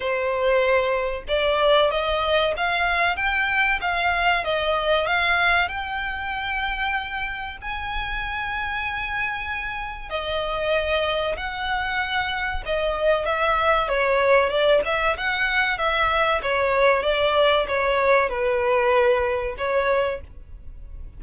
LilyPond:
\new Staff \with { instrumentName = "violin" } { \time 4/4 \tempo 4 = 95 c''2 d''4 dis''4 | f''4 g''4 f''4 dis''4 | f''4 g''2. | gis''1 |
dis''2 fis''2 | dis''4 e''4 cis''4 d''8 e''8 | fis''4 e''4 cis''4 d''4 | cis''4 b'2 cis''4 | }